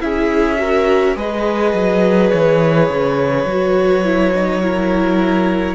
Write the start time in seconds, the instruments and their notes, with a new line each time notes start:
0.00 cello C#4, viola E4, violin G#4 E5
0.58 viola F#4, violin A#4
1.16 cello G#3, viola G#4, violin B4 D#5
1.73 cello F#3
2.30 cello E3, violin C#5
2.89 cello C#3
3.45 cello F#3, viola F#4
4.05 viola E4
4.35 viola D#4
4.61 viola E4, violin A#4